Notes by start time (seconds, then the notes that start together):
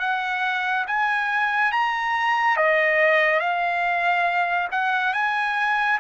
0.00 F#5
0.87 G#5
1.72 A#5
2.57 D#5
3.40 F5
4.71 F#5
5.14 G#5